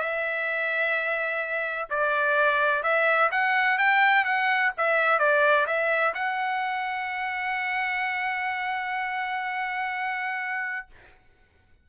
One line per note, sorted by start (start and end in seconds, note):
0.00 1.89 E5
1.90 2.83 D5
2.83 3.30 E5
3.31 3.78 F#5
3.78 4.25 G5
4.25 4.72 F#5
4.77 5.19 E5
5.19 5.66 D5
5.67 6.14 E5
6.14 10.87 F#5